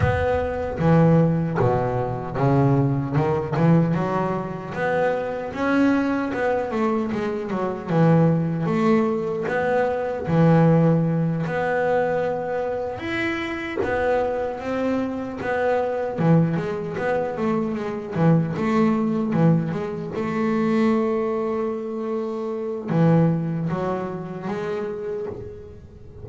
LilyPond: \new Staff \with { instrumentName = "double bass" } { \time 4/4 \tempo 4 = 76 b4 e4 b,4 cis4 | dis8 e8 fis4 b4 cis'4 | b8 a8 gis8 fis8 e4 a4 | b4 e4. b4.~ |
b8 e'4 b4 c'4 b8~ | b8 e8 gis8 b8 a8 gis8 e8 a8~ | a8 e8 gis8 a2~ a8~ | a4 e4 fis4 gis4 | }